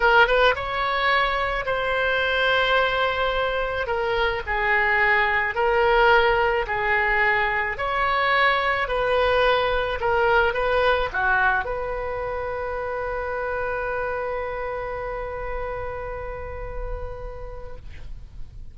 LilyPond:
\new Staff \with { instrumentName = "oboe" } { \time 4/4 \tempo 4 = 108 ais'8 b'8 cis''2 c''4~ | c''2. ais'4 | gis'2 ais'2 | gis'2 cis''2 |
b'2 ais'4 b'4 | fis'4 b'2.~ | b'1~ | b'1 | }